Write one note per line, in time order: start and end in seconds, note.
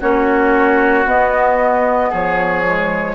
0.00 1.05 A#3
0.00 1.06 C#4
0.00 2.10 F#4
0.00 1.07 C#5
1.05 2.11 B3
1.05 2.64 B3
1.05 2.12 D#5
2.10 3.15 F3
2.10 3.15 G#4
2.10 3.15 C#5
2.65 3.15 G#3